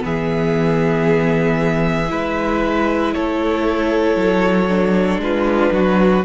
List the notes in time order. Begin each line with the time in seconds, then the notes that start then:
0.00 E3 B3 G#4 E5
2.09 G#3 E4 B4
3.14 A3 A4 C#5
4.16 F#3
4.68 D4
5.18 G#3 F4 B4
5.72 F#3 F#4